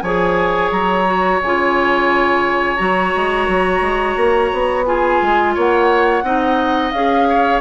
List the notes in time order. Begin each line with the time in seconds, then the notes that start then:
0.00 F3 G#4 C#5 G#5
0.71 F#3 A#5
1.05 F#4
1.42 C#3 F4 G#5
2.76 F#3 F#4 A#5
3.15 G#3
3.47 F#3
3.81 G#3
4.16 A#3
4.52 B3
4.85 F4 G#4 G#5
5.21 G#3
5.54 A#3 C#5 F#5
6.23 C4 D#4 D#5
6.90 C#4 G#4 F5
7.28 C#5